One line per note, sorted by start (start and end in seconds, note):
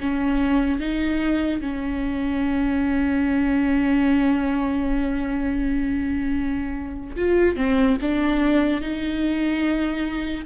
0.00 0.79 C#4
0.79 1.61 D#4
1.61 7.15 C#4
7.16 7.56 F4
7.56 7.97 C4
8.01 8.81 D4
8.81 10.45 D#4